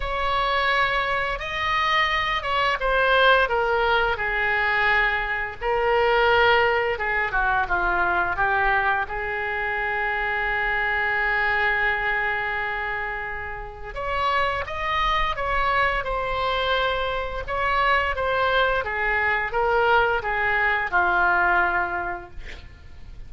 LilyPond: \new Staff \with { instrumentName = "oboe" } { \time 4/4 \tempo 4 = 86 cis''2 dis''4. cis''8 | c''4 ais'4 gis'2 | ais'2 gis'8 fis'8 f'4 | g'4 gis'2.~ |
gis'1 | cis''4 dis''4 cis''4 c''4~ | c''4 cis''4 c''4 gis'4 | ais'4 gis'4 f'2 | }